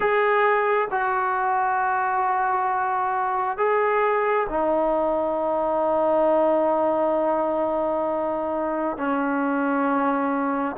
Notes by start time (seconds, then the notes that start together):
0.00 G#4
0.90 F#4
3.57 G#4
4.49 D#4
8.97 C#4